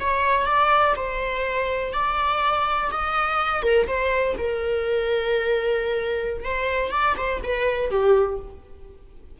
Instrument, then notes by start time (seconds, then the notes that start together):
viola
0.00 C#5
0.46 D5
0.96 C5
1.93 D5
2.92 D#5
3.63 A#4
3.87 C5
4.38 A#4
6.44 C5
6.91 D5
7.17 C5
7.43 B4
7.91 G4